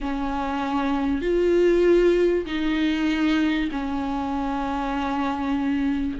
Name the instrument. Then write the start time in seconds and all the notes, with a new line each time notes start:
viola
0.00 C#4
1.21 F4
2.45 D#4
3.71 C#4